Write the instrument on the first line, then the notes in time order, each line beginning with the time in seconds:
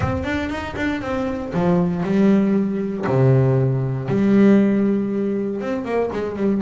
double bass
0.00 C4
0.24 D4
0.49 D#4
0.76 D4
1.01 C4
1.53 F3
2.03 G3
3.06 C3
4.08 G3
5.60 C4
5.84 A#3
6.12 G#3
6.36 G3